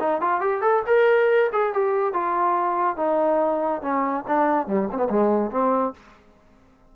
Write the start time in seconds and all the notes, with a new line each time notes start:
0.00 D#4
0.21 F4
0.41 G4
0.62 A4
0.87 A#4
1.53 G#4
1.74 G4
2.14 F4
2.97 D#4
3.82 C#4
4.28 D4
4.68 G3
4.92 B3 C4
5.10 G#3
5.51 C4